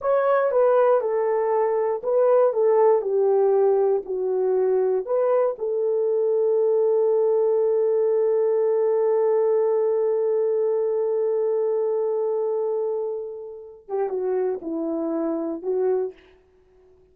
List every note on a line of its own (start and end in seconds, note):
0.01 0.51 C#5
0.51 1.00 B4
1.00 2.01 A4
2.03 2.53 B4
2.53 3.01 A4
3.01 4.02 G4
4.05 5.05 F#4
5.05 5.56 B4
5.58 13.88 A4
13.88 14.09 G4
14.09 14.59 F#4
14.61 15.62 E4
15.62 16.13 F#4